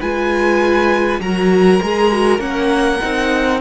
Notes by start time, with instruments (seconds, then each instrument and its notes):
0.00 cello G#3, viola F4, violin B4 G#5
1.20 cello F#3, viola F#4, violin A#4 A#5
1.83 cello G#3, viola G#4
2.12 viola F#4
2.39 cello A#3, viola C#4, violin F#5
3.01 cello C4, viola D#4